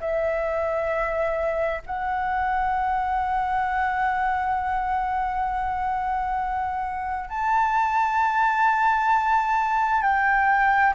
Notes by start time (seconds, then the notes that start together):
0.00 E5
1.86 F#5
7.29 A5
10.02 G5